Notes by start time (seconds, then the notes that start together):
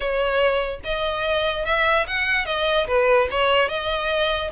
0.00 C#5
0.84 D#5
1.65 E5
2.07 F#5
2.45 D#5
2.87 B4
3.30 C#5
3.68 D#5